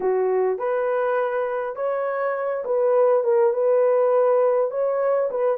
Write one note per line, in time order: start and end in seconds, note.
0.00 0.58 F#4
0.58 1.75 B4
1.75 2.63 C#5
2.65 3.23 B4
3.23 3.53 A#4
3.53 4.70 B4
4.71 5.29 C#5
5.30 5.57 B4